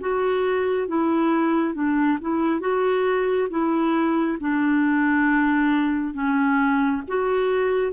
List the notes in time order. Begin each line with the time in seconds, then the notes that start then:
0.00 F#4
0.87 E4
1.74 D4
2.21 E4
2.60 F#4
3.49 E4
4.40 D4
6.14 C#4
7.07 F#4